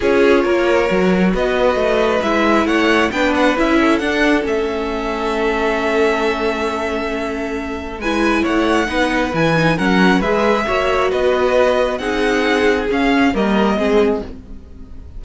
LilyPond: <<
  \new Staff \with { instrumentName = "violin" } { \time 4/4 \tempo 4 = 135 cis''2. dis''4~ | dis''4 e''4 fis''4 g''8 fis''8 | e''4 fis''4 e''2~ | e''1~ |
e''2 gis''4 fis''4~ | fis''4 gis''4 fis''4 e''4~ | e''4 dis''2 fis''4~ | fis''4 f''4 dis''2 | }
  \new Staff \with { instrumentName = "violin" } { \time 4/4 gis'4 ais'2 b'4~ | b'2 cis''4 b'4~ | b'8 a'2.~ a'8~ | a'1~ |
a'2 b'4 cis''4 | b'2 ais'4 b'4 | cis''4 b'2 gis'4~ | gis'2 ais'4 gis'4 | }
  \new Staff \with { instrumentName = "viola" } { \time 4/4 f'2 fis'2~ | fis'4 e'2 d'4 | e'4 d'4 cis'2~ | cis'1~ |
cis'2 e'2 | dis'4 e'8 dis'8 cis'4 gis'4 | fis'2. dis'4~ | dis'4 cis'4 ais4 c'4 | }
  \new Staff \with { instrumentName = "cello" } { \time 4/4 cis'4 ais4 fis4 b4 | a4 gis4 a4 b4 | cis'4 d'4 a2~ | a1~ |
a2 gis4 a4 | b4 e4 fis4 gis4 | ais4 b2 c'4~ | c'4 cis'4 g4 gis4 | }
>>